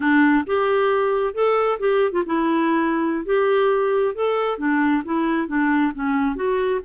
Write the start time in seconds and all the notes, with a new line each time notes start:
0.00 D4
0.46 G4
1.34 A4
1.79 G4
2.12 F4
2.26 E4
3.25 G4
4.14 A4
4.58 D4
5.05 E4
5.47 D4
5.94 C#4
6.35 F#4